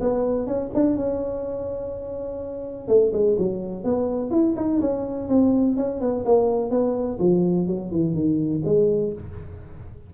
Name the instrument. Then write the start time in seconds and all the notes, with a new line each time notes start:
tuba
0.00 B3
0.46 C#4
0.74 D4
0.96 C#4
2.88 A3
3.13 G#3
3.38 F#3
3.84 B3
4.31 E4
4.56 D#4
4.81 C#4
5.28 C4
5.76 C#4
6.00 B3
6.25 A#3
6.70 B3
7.19 F3
7.67 F#3
7.91 E3
8.14 D#3
8.64 G#3